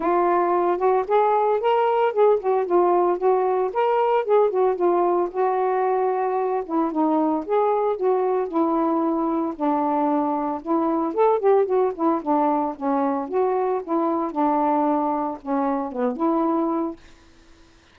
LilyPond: \new Staff \with { instrumentName = "saxophone" } { \time 4/4 \tempo 4 = 113 f'4. fis'8 gis'4 ais'4 | gis'8 fis'8 f'4 fis'4 ais'4 | gis'8 fis'8 f'4 fis'2~ | fis'8 e'8 dis'4 gis'4 fis'4 |
e'2 d'2 | e'4 a'8 g'8 fis'8 e'8 d'4 | cis'4 fis'4 e'4 d'4~ | d'4 cis'4 b8 e'4. | }